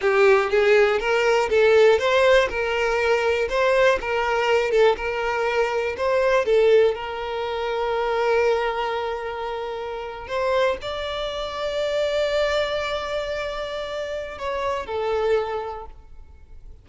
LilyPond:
\new Staff \with { instrumentName = "violin" } { \time 4/4 \tempo 4 = 121 g'4 gis'4 ais'4 a'4 | c''4 ais'2 c''4 | ais'4. a'8 ais'2 | c''4 a'4 ais'2~ |
ais'1~ | ais'8. c''4 d''2~ d''16~ | d''1~ | d''4 cis''4 a'2 | }